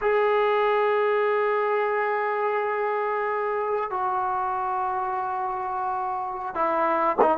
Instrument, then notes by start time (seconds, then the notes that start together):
trombone
0.01 G#4
3.90 F#4
6.55 E4
7.21 D#4